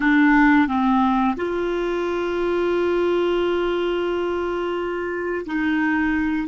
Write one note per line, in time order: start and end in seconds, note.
0.00 0.67 D4
0.67 1.35 C4
1.36 5.45 F4
5.45 6.48 D#4